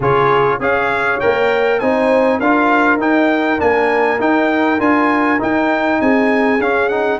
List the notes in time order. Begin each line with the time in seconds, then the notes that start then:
0.00 C#3 F4 G#4 C#5
0.59 C#4 G#4 C#5 F5
1.20 A#3 A#4 G5
1.79 C4 D#4 C5 G#5
2.39 D4 F4 A#4 F5
2.97 D#4 G5
3.58 A#3 D4 G#5
4.18 D#4 G5
4.79 D4 F4 G#5
5.38 D#4 G5
6.00 C4 G#4 G#5
6.59 C#4 F5
6.88 D#4 F#5